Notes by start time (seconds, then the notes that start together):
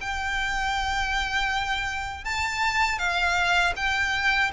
0.00 G5
2.24 A5
2.98 F5
3.76 G5